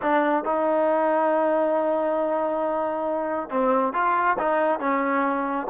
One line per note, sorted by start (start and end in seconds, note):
0.02 0.44 D4
0.44 3.50 D#4
3.50 3.93 C4
3.93 4.37 F4
4.38 4.79 D#4
4.79 5.67 C#4